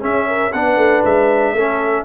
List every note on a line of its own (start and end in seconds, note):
0.00 0.51 C#4
0.00 0.53 C#4
0.00 0.26 G#4
0.00 0.52 E5
0.27 0.53 A#4
0.52 0.76 B3
0.52 1.57 D4
0.52 1.54 B4
0.52 1.03 F#5
0.76 1.02 A3
1.05 1.54 G#3
1.05 2.05 E5
1.54 2.05 A3
1.54 2.05 C#4
1.54 2.05 A4